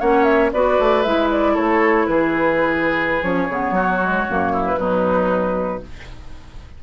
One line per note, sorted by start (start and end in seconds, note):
0.00 0.53 A#3
0.00 0.53 C#4
0.00 0.52 C#5
0.00 0.24 F#5
0.24 0.50 E5
0.53 0.79 B3
0.53 1.05 F#4
0.53 1.54 B4
0.53 1.02 D5
0.79 1.05 A3
1.02 1.57 G#3
1.02 3.23 E4
1.02 1.28 E5
1.31 1.55 D5
1.54 2.08 A3
1.54 2.05 A4
1.54 2.07 C#5
2.07 3.23 E3
2.07 3.75 G#4
2.07 3.23 B4
3.23 3.49 F3
3.23 3.49 C#4
3.23 4.65 C#5
3.49 3.71 C#3
3.49 4.01 B3
3.71 4.23 F#3
3.71 4.53 F#4
4.01 4.27 G#3
4.28 4.77 F#2
4.28 4.78 A#3
4.53 4.79 E4
4.67 5.83 B4
4.77 5.81 B2
4.77 5.82 F#3
4.77 5.83 D#4